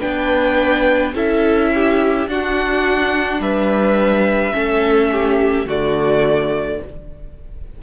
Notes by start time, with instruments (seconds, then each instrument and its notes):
0.00 cello B3, viola D4, violin B4 G5
1.14 cello C#4, viola E4, violin A4 E5
1.74 violin G4
2.27 cello D4, viola D4, violin F#4 F#5
3.40 cello G3, violin B4 E5
4.52 cello A3, viola C#4, violin A4
5.11 violin G4
5.65 cello D3, viola A3, violin F#4 D5